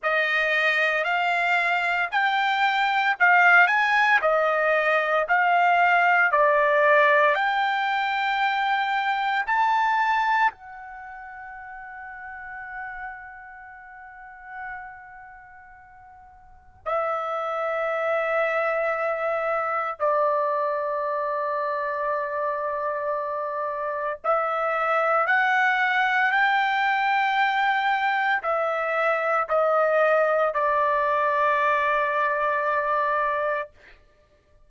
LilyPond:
\new Staff \with { instrumentName = "trumpet" } { \time 4/4 \tempo 4 = 57 dis''4 f''4 g''4 f''8 gis''8 | dis''4 f''4 d''4 g''4~ | g''4 a''4 fis''2~ | fis''1 |
e''2. d''4~ | d''2. e''4 | fis''4 g''2 e''4 | dis''4 d''2. | }